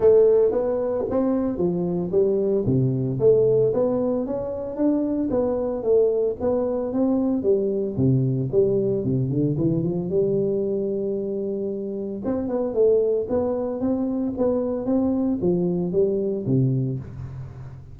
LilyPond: \new Staff \with { instrumentName = "tuba" } { \time 4/4 \tempo 4 = 113 a4 b4 c'4 f4 | g4 c4 a4 b4 | cis'4 d'4 b4 a4 | b4 c'4 g4 c4 |
g4 c8 d8 e8 f8 g4~ | g2. c'8 b8 | a4 b4 c'4 b4 | c'4 f4 g4 c4 | }